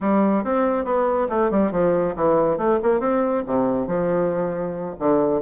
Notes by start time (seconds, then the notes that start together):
0.00 G3
0.43 C4
0.84 B3
1.29 A3
1.50 G3
1.71 F3
2.15 E3
2.57 A3
2.82 A#3
3.00 C4
3.46 C3
3.87 F3
4.99 D3